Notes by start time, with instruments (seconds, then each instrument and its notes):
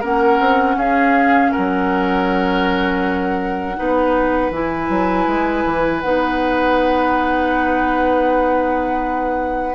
0.00 bassoon A#3, clarinet C#4, oboe A#4, flute F#5
0.39 bassoon C4
0.76 bassoon C#4, oboe G#4, flute F5
1.51 oboe A#4, flute F#5
1.57 bassoon F#3
3.76 bassoon B3, clarinet D#4, oboe B4
4.50 bassoon E3, clarinet E4, flute G#5
4.89 bassoon F#3
5.26 bassoon G#3
5.65 bassoon E3
6.00 bassoon B3, clarinet D#4, flute F#5